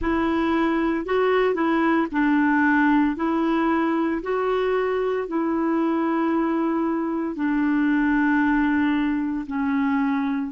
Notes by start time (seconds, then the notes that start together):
0.01 E4
1.05 F#4
1.54 E4
2.11 D4
3.16 E4
4.22 F#4
5.27 E4
7.35 D4
9.46 C#4